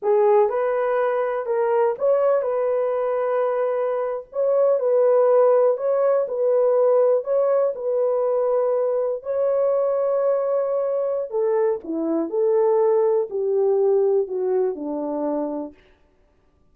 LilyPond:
\new Staff \with { instrumentName = "horn" } { \time 4/4 \tempo 4 = 122 gis'4 b'2 ais'4 | cis''4 b'2.~ | b'8. cis''4 b'2 cis''16~ | cis''8. b'2 cis''4 b'16~ |
b'2~ b'8. cis''4~ cis''16~ | cis''2. a'4 | e'4 a'2 g'4~ | g'4 fis'4 d'2 | }